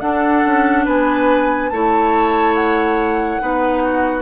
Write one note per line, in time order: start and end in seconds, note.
0.00 0.43 D4
0.00 1.71 D4
0.00 0.84 A4
0.00 0.85 F#5
0.45 0.86 C#4
0.84 1.71 B3
0.84 1.69 B4
0.84 1.69 G#5
1.69 3.40 A3
1.69 3.40 E4
1.69 3.42 C#5
1.69 2.54 A5
2.54 4.21 F#5
3.40 4.21 B3
3.40 4.21 D#4
3.40 3.82 B4
3.82 4.21 F#4